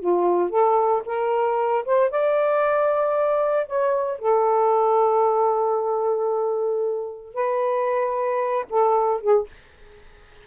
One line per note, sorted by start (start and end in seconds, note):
0.00 0.50 F4
0.50 1.03 A4
1.06 1.85 A#4
1.86 2.11 C5
2.11 3.67 D5
3.67 4.19 C#5
4.19 7.34 A4
7.34 8.66 B4
8.70 9.21 A4
9.21 9.47 G#4